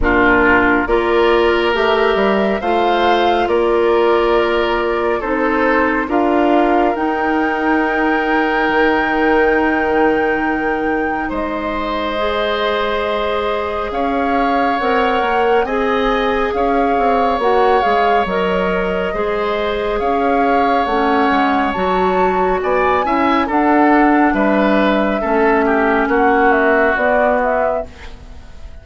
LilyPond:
<<
  \new Staff \with { instrumentName = "flute" } { \time 4/4 \tempo 4 = 69 ais'4 d''4 e''4 f''4 | d''2 c''4 f''4 | g''1~ | g''4 dis''2. |
f''4 fis''4 gis''4 f''4 | fis''8 f''8 dis''2 f''4 | fis''4 a''4 gis''4 fis''4 | e''2 fis''8 e''8 d''8 e''8 | }
  \new Staff \with { instrumentName = "oboe" } { \time 4/4 f'4 ais'2 c''4 | ais'2 a'4 ais'4~ | ais'1~ | ais'4 c''2. |
cis''2 dis''4 cis''4~ | cis''2 c''4 cis''4~ | cis''2 d''8 e''8 a'4 | b'4 a'8 g'8 fis'2 | }
  \new Staff \with { instrumentName = "clarinet" } { \time 4/4 d'4 f'4 g'4 f'4~ | f'2 dis'4 f'4 | dis'1~ | dis'2 gis'2~ |
gis'4 ais'4 gis'2 | fis'8 gis'8 ais'4 gis'2 | cis'4 fis'4. e'8 d'4~ | d'4 cis'2 b4 | }
  \new Staff \with { instrumentName = "bassoon" } { \time 4/4 ais,4 ais4 a8 g8 a4 | ais2 c'4 d'4 | dis'2 dis2~ | dis4 gis2. |
cis'4 c'8 ais8 c'4 cis'8 c'8 | ais8 gis8 fis4 gis4 cis'4 | a8 gis8 fis4 b8 cis'8 d'4 | g4 a4 ais4 b4 | }
>>